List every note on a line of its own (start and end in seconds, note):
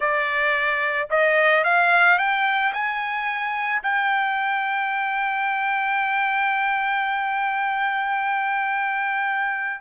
0.00 1.08 D5
1.10 1.64 D#5
1.64 2.18 F5
2.18 2.72 G5
2.73 3.82 G#5
3.82 9.80 G5